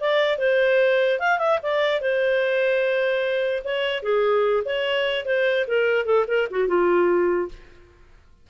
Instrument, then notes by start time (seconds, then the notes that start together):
clarinet
0.00 D5
0.38 C5
1.19 F5
1.39 E5
1.63 D5
2.01 C5
3.64 C#5
4.03 G#4
4.65 C#5
5.25 C5
5.67 A#4
6.05 A4
6.28 A#4
6.50 F#4
6.68 F4